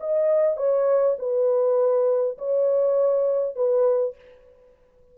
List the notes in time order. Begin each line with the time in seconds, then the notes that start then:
0.00 D#5
0.57 C#5
1.19 B4
2.38 C#5
3.56 B4